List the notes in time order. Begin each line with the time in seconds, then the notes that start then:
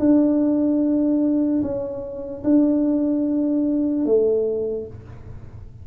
0.00 D4
1.63 C#4
2.44 D4
4.06 A3